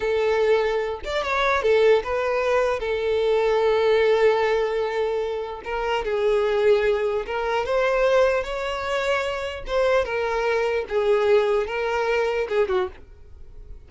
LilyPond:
\new Staff \with { instrumentName = "violin" } { \time 4/4 \tempo 4 = 149 a'2~ a'8 d''8 cis''4 | a'4 b'2 a'4~ | a'1~ | a'2 ais'4 gis'4~ |
gis'2 ais'4 c''4~ | c''4 cis''2. | c''4 ais'2 gis'4~ | gis'4 ais'2 gis'8 fis'8 | }